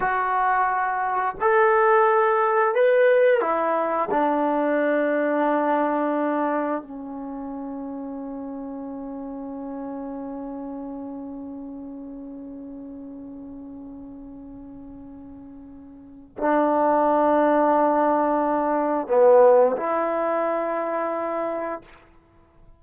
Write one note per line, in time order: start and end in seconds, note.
0.00 1.35 F#4
1.40 2.74 A4
2.74 3.41 B4
3.41 4.09 E4
4.10 6.82 D4
6.82 16.36 C#4
16.37 19.07 D4
19.07 19.75 B3
19.77 21.81 E4